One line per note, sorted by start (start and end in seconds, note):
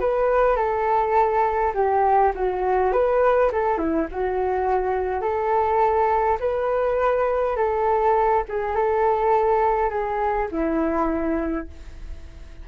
0.00 0.56 B4
0.56 1.73 A4
1.74 2.33 G4
2.35 2.93 F#4
2.93 3.51 B4
3.52 3.78 A4
3.78 4.07 E4
4.11 5.22 F#4
5.22 6.38 A4
6.40 7.56 B4
7.56 8.44 A4
8.49 8.76 G#4
8.76 9.90 A4
9.90 10.48 G#4
10.51 11.68 E4